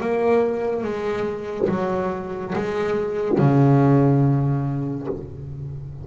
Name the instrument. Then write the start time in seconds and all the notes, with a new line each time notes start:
double bass
0.00 A#3
0.83 G#3
1.69 F#3
2.55 G#3
3.38 C#3